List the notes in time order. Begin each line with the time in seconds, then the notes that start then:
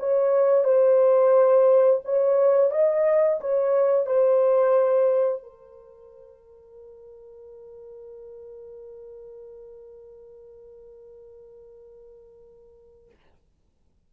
0.00 C#5
0.64 C5
2.05 C#5
2.71 D#5
3.41 C#5
4.07 C5
5.43 A#4